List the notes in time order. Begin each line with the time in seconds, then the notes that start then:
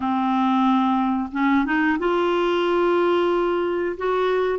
0.00 C4
1.32 C#4
1.65 D#4
1.98 F4
3.97 F#4